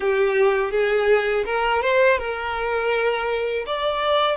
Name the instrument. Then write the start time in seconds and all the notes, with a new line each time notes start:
violin
0.00 G4
0.71 G#4
1.45 A#4
1.81 C5
2.18 A#4
3.66 D5